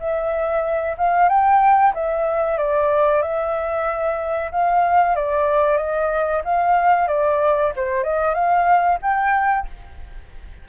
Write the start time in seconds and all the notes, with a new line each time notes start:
0.00 E5
0.98 F5
1.29 G5
1.94 E5
2.58 D5
3.22 E5
4.52 F5
5.16 D5
5.78 D#5
6.45 F5
7.08 D5
7.76 C5
8.04 D#5
8.35 F5
9.02 G5